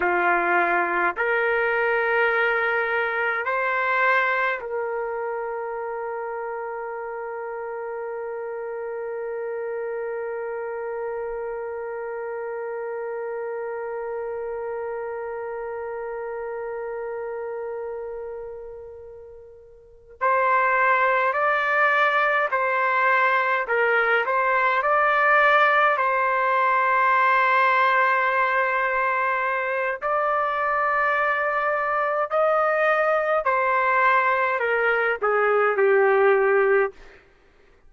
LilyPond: \new Staff \with { instrumentName = "trumpet" } { \time 4/4 \tempo 4 = 52 f'4 ais'2 c''4 | ais'1~ | ais'1~ | ais'1~ |
ais'4. c''4 d''4 c''8~ | c''8 ais'8 c''8 d''4 c''4.~ | c''2 d''2 | dis''4 c''4 ais'8 gis'8 g'4 | }